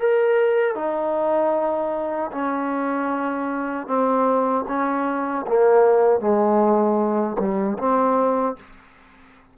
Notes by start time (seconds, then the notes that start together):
0.00 A#4
0.76 D#4
2.32 C#4
3.87 C4
4.68 C#4
5.48 A#3
6.21 G#3
7.40 G3
7.79 C4